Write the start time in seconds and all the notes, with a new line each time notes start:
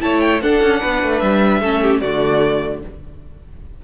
0.00 A3 E4 C#5 A5
0.20 G5
0.42 D4 A4 F#5
0.62 C#4
0.80 B3 B4
1.03 A3
1.19 G3 E5
1.61 A3 C#4 A4
1.82 G4
2.00 D3 A3 F#4 D5